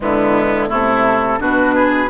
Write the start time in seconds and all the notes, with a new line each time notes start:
0.00 D3 G#3 B3 E4
0.69 C3 A3 E4 A4
1.39 B2 D4 F#4 B4
1.74 G#4